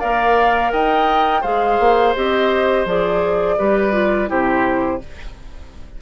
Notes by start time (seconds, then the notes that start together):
0.00 A#3 A#4 D5 F5
0.72 D#4 D#5 G5
1.41 G#3 G#4 C5 F5
1.80 A#3
2.16 C4 G4 D#5
2.86 F3 G#4 D5
3.58 G3 G4 B4
3.92 F4
4.28 C3 E4 G4 C5